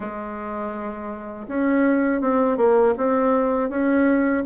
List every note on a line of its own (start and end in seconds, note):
0.00 1.47 G#3
1.47 2.21 C#4
2.21 2.57 C4
2.57 2.94 A#3
2.97 3.69 C4
3.69 4.43 C#4